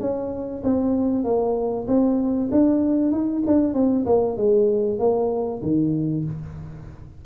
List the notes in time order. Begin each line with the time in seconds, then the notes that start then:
0.00 C#4
0.63 C4
1.24 A#3
1.87 C4
2.51 D4
3.12 D#4
3.47 D4
3.74 C4
4.06 A#3
4.37 G#3
4.99 A#3
5.62 D#3